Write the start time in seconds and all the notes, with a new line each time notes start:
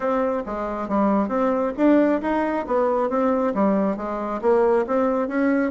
0.00 C4
0.46 G#3
0.88 G3
1.28 C4
1.77 D4
2.21 D#4
2.66 B3
3.09 C4
3.54 G3
3.96 G#3
4.41 A#3
4.86 C4
5.28 C#4